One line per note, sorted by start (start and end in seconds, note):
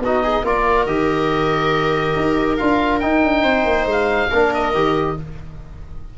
0.00 0.43 B3
0.00 0.45 D#4
0.00 0.23 F#4
0.00 0.47 D#5
0.23 0.45 G#4
0.44 0.87 A#3
0.44 0.88 F4
0.44 3.43 A#4
0.44 0.86 D5
0.86 2.15 D#3
0.86 2.59 G4
0.86 2.58 D#5
2.16 2.59 D#4
2.58 3.03 D4
2.58 3.02 F4
2.58 3.00 F5
3.00 4.31 D#4
3.00 3.24 D#4
3.00 3.86 G5
3.24 3.44 D4
3.43 3.65 C4
3.43 4.29 C5
3.65 3.86 A#3
3.86 4.29 G#3
3.86 4.54 F5
4.31 4.74 A#3
4.31 4.75 D4
4.31 5.16 A#4
4.54 5.18 D#5
4.74 5.17 D#3
4.74 5.18 G4